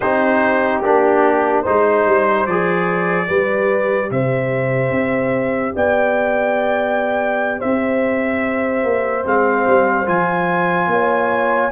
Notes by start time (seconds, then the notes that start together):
0.00 C4 D#4 G4 C5
0.82 A#3 D4 G4
1.61 D#4 C5
1.67 G#3
2.06 G3
2.46 F3 G#4 D5
3.27 G3 G4 B4
4.10 C3 C5 E5
4.90 C4
5.75 B3 D5 G5
7.59 C4 C5 E5
8.83 A#3
9.24 G#3 C4 F5
9.67 G3
10.06 F3 F4 G#5
10.87 A#3 C#5